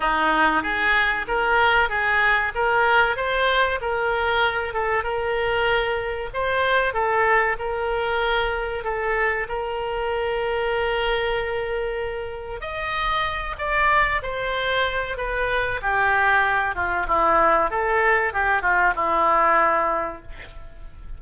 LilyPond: \new Staff \with { instrumentName = "oboe" } { \time 4/4 \tempo 4 = 95 dis'4 gis'4 ais'4 gis'4 | ais'4 c''4 ais'4. a'8 | ais'2 c''4 a'4 | ais'2 a'4 ais'4~ |
ais'1 | dis''4. d''4 c''4. | b'4 g'4. f'8 e'4 | a'4 g'8 f'8 e'2 | }